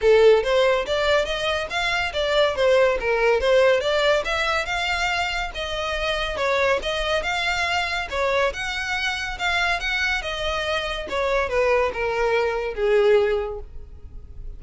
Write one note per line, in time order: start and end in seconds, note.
0.01 0.43 A4
0.43 0.85 C5
0.86 1.25 D5
1.25 1.67 D#5
1.69 2.12 F5
2.13 2.55 D5
2.55 2.98 C5
3.00 3.40 A#4
3.40 3.80 C5
3.80 4.23 D5
4.25 4.65 E5
4.65 5.50 F5
5.54 6.37 D#5
6.37 6.79 C#5
6.82 7.22 D#5
7.22 8.08 F5
8.10 8.52 C#5
8.53 9.38 F#5
9.38 9.79 F5
9.79 10.21 F#5
10.21 11.07 D#5
11.09 11.49 C#5
11.49 11.91 B4
11.93 12.74 A#4
12.74 13.59 G#4